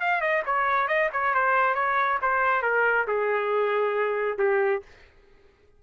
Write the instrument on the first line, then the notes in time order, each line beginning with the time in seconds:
trumpet
0.00 F5
0.21 D#5
0.45 C#5
0.87 D#5
1.12 C#5
1.34 C5
1.74 C#5
2.22 C5
2.62 A#4
3.07 G#4
4.38 G4